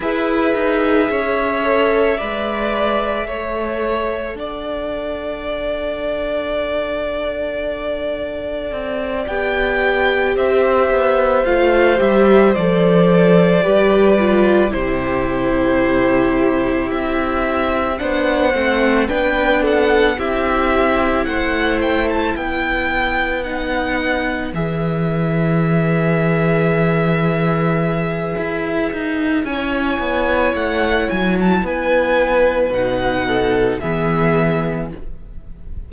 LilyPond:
<<
  \new Staff \with { instrumentName = "violin" } { \time 4/4 \tempo 4 = 55 e''1 | fis''1~ | fis''8 g''4 e''4 f''8 e''8 d''8~ | d''4. c''2 e''8~ |
e''8 fis''4 g''8 fis''8 e''4 fis''8 | g''16 a''16 g''4 fis''4 e''4.~ | e''2. gis''4 | fis''8 gis''16 a''16 gis''4 fis''4 e''4 | }
  \new Staff \with { instrumentName = "violin" } { \time 4/4 b'4 cis''4 d''4 cis''4 | d''1~ | d''4. c''2~ c''8~ | c''8 b'4 g'2~ g'8~ |
g'8 c''4 b'8 a'8 g'4 c''8~ | c''8 b'2.~ b'8~ | b'2. cis''4~ | cis''4 b'4. a'8 gis'4 | }
  \new Staff \with { instrumentName = "viola" } { \time 4/4 gis'4. a'8 b'4 a'4~ | a'1~ | a'8 g'2 f'8 g'8 a'8~ | a'8 g'8 f'8 e'2~ e'8~ |
e'8 d'8 c'8 d'4 e'4.~ | e'4. dis'4 gis'4.~ | gis'2. e'4~ | e'2 dis'4 b4 | }
  \new Staff \with { instrumentName = "cello" } { \time 4/4 e'8 dis'8 cis'4 gis4 a4 | d'1 | c'8 b4 c'8 b8 a8 g8 f8~ | f8 g4 c2 c'8~ |
c'8 b8 a8 b4 c'4 a8~ | a8 b2 e4.~ | e2 e'8 dis'8 cis'8 b8 | a8 fis8 b4 b,4 e4 | }
>>